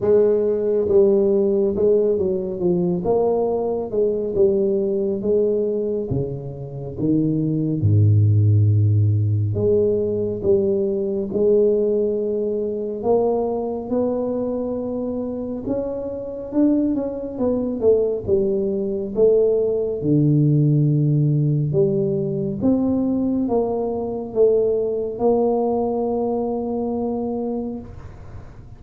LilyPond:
\new Staff \with { instrumentName = "tuba" } { \time 4/4 \tempo 4 = 69 gis4 g4 gis8 fis8 f8 ais8~ | ais8 gis8 g4 gis4 cis4 | dis4 gis,2 gis4 | g4 gis2 ais4 |
b2 cis'4 d'8 cis'8 | b8 a8 g4 a4 d4~ | d4 g4 c'4 ais4 | a4 ais2. | }